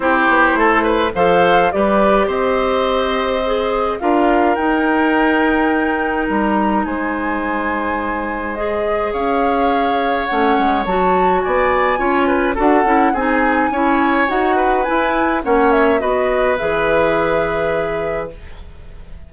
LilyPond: <<
  \new Staff \with { instrumentName = "flute" } { \time 4/4 \tempo 4 = 105 c''2 f''4 d''4 | dis''2. f''4 | g''2. ais''4 | gis''2. dis''4 |
f''2 fis''4 a''4 | gis''2 fis''4 gis''4~ | gis''4 fis''4 gis''4 fis''8 e''8 | dis''4 e''2. | }
  \new Staff \with { instrumentName = "oboe" } { \time 4/4 g'4 a'8 b'8 c''4 b'4 | c''2. ais'4~ | ais'1 | c''1 |
cis''1 | d''4 cis''8 b'8 a'4 gis'4 | cis''4. b'4. cis''4 | b'1 | }
  \new Staff \with { instrumentName = "clarinet" } { \time 4/4 e'2 a'4 g'4~ | g'2 gis'4 f'4 | dis'1~ | dis'2. gis'4~ |
gis'2 cis'4 fis'4~ | fis'4 f'4 fis'8 e'8 dis'4 | e'4 fis'4 e'4 cis'4 | fis'4 gis'2. | }
  \new Staff \with { instrumentName = "bassoon" } { \time 4/4 c'8 b8 a4 f4 g4 | c'2. d'4 | dis'2. g4 | gis1 |
cis'2 a8 gis8 fis4 | b4 cis'4 d'8 cis'8 c'4 | cis'4 dis'4 e'4 ais4 | b4 e2. | }
>>